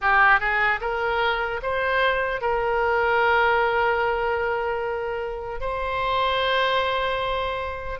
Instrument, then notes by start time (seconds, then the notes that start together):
oboe
0.01 G4
0.40 G#4
0.80 A#4
1.62 C5
2.41 A#4
5.60 C5